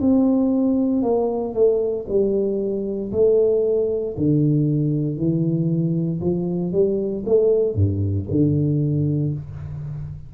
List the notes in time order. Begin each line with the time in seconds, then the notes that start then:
0.00 C4
1.02 A#3
1.53 A3
2.08 G3
3.12 A3
4.17 D3
5.17 E3
6.21 F3
6.72 G3
7.26 A3
7.75 G2
8.30 D3